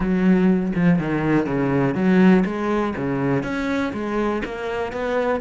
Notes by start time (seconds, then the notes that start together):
0.00 F#3
0.75 F3
0.99 D#3
1.46 C#3
1.94 F#3
2.45 G#3
2.96 C#3
3.43 C#4
3.93 G#3
4.44 A#3
4.92 B3